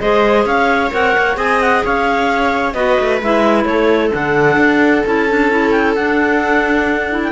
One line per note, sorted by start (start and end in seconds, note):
0.00 0.45 G#3
0.00 0.91 G#4
0.00 0.46 C5
0.00 0.46 D#5
0.45 0.91 C#4
0.45 1.37 C#5
0.45 0.92 F5
0.91 1.16 C4
0.91 1.35 A#4
0.91 1.38 F#5
1.17 1.37 A#3
1.35 1.82 C4
1.35 2.73 G#4
1.35 1.83 D#5
1.35 1.61 G#5
1.61 1.84 F#5
1.85 2.74 C#4
1.85 2.75 C#5
1.85 2.73 F5
2.73 2.97 B3
2.73 3.20 F#4
2.73 3.66 B4
2.73 3.19 D#5
3.00 3.21 A3
3.21 3.65 G#3
3.21 4.11 E4
3.21 3.64 E5
3.64 4.11 A3
3.64 7.32 A4
3.64 4.10 C#5
4.11 4.56 D3
4.11 5.03 D4
4.11 5.05 F#5
4.56 5.02 D4
5.05 5.96 C#4
5.05 5.28 E4
5.05 5.71 A5
5.28 5.50 D4
5.50 5.96 E4
5.71 5.94 G5
5.95 7.32 D4
5.95 7.11 D4
5.95 7.21 F#5
7.11 7.32 E4
7.23 7.32 G5